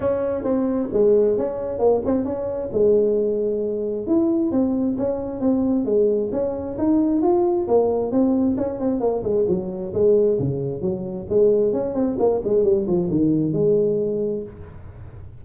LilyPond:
\new Staff \with { instrumentName = "tuba" } { \time 4/4 \tempo 4 = 133 cis'4 c'4 gis4 cis'4 | ais8 c'8 cis'4 gis2~ | gis4 e'4 c'4 cis'4 | c'4 gis4 cis'4 dis'4 |
f'4 ais4 c'4 cis'8 c'8 | ais8 gis8 fis4 gis4 cis4 | fis4 gis4 cis'8 c'8 ais8 gis8 | g8 f8 dis4 gis2 | }